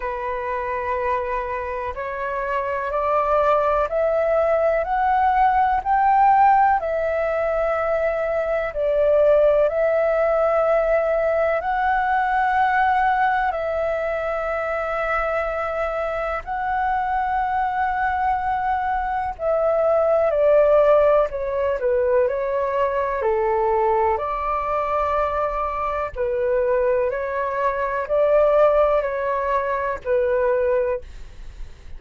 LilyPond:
\new Staff \with { instrumentName = "flute" } { \time 4/4 \tempo 4 = 62 b'2 cis''4 d''4 | e''4 fis''4 g''4 e''4~ | e''4 d''4 e''2 | fis''2 e''2~ |
e''4 fis''2. | e''4 d''4 cis''8 b'8 cis''4 | a'4 d''2 b'4 | cis''4 d''4 cis''4 b'4 | }